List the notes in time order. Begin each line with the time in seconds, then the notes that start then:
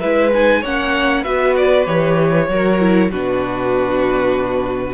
0.00 G#3 E4 B4 E5
0.33 D#4 G#5
0.61 A#3 C#4 C#5 F#5
1.23 B3 F#4 B4 E5
1.57 D5
1.86 E3 G4 C#5
2.49 F#3 F#4 A#4
2.81 E4
3.11 B2 D4 F#4 B4